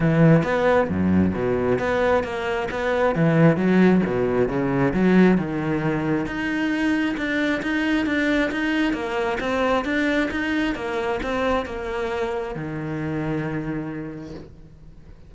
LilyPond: \new Staff \with { instrumentName = "cello" } { \time 4/4 \tempo 4 = 134 e4 b4 fis,4 b,4 | b4 ais4 b4 e4 | fis4 b,4 cis4 fis4 | dis2 dis'2 |
d'4 dis'4 d'4 dis'4 | ais4 c'4 d'4 dis'4 | ais4 c'4 ais2 | dis1 | }